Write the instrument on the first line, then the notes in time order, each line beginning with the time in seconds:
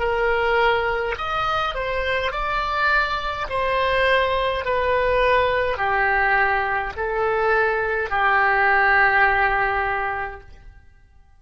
oboe
0.00 A#4
1.18 D#5
1.75 C5
2.32 D5
3.50 C5
4.66 B4
5.78 G4
6.97 A4
8.10 G4